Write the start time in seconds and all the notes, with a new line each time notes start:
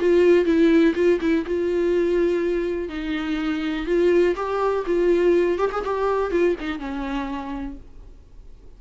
0.00 F4
0.45 E4
0.95 F4
1.21 E4
1.46 F4
2.89 D#4
3.86 F4
4.36 G4
4.86 F4
5.58 G4
5.72 G#4
5.84 G4
6.31 F4
6.61 D#4
6.79 C#4